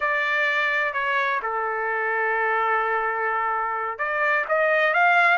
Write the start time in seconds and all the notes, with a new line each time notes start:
0.00 D5
0.93 C#5
1.42 A4
3.98 D5
4.48 D#5
4.93 F5